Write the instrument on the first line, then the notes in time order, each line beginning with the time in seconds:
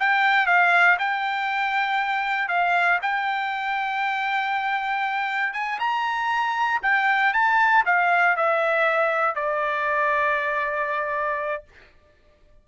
trumpet
0.00 G5
0.46 F5
0.99 G5
2.49 F5
3.02 G5
5.54 G#5
5.80 A#5
6.83 G5
7.33 A5
7.86 F5
8.37 E5
9.36 D5